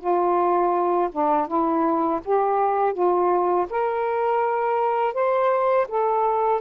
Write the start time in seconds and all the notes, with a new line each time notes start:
0.00 F4
1.12 D4
1.47 E4
2.25 G4
2.94 F4
3.70 A#4
5.14 C5
5.88 A4